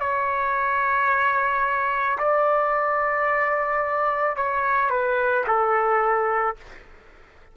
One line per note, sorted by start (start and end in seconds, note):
0.00 2.18 C#5
2.19 4.36 D5
4.36 4.90 C#5
4.90 5.45 B4
5.47 6.57 A4